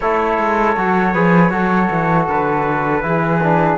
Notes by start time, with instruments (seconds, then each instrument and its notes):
0.00 cello A3, trombone E4, flute A4, trumpet C#5
0.38 cello G#3
0.76 cello F#3, trombone F#4
1.13 cello F3, trombone G#4, flute B4
1.50 cello F#3, trombone F#4, flute A4
1.90 cello E3
2.28 cello D3, trumpet B4
3.01 cello E3, trombone E4, flute G#4
3.42 trombone D4